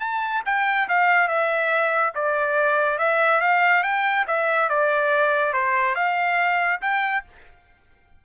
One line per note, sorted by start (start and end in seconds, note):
0.00 0.43 A5
0.46 0.88 G5
0.88 1.28 F5
1.28 2.13 E5
2.15 2.98 D5
2.98 3.41 E5
3.41 3.83 F5
3.83 4.26 G5
4.27 4.69 E5
4.69 5.53 D5
5.53 5.95 C5
5.95 6.81 F5
6.81 7.24 G5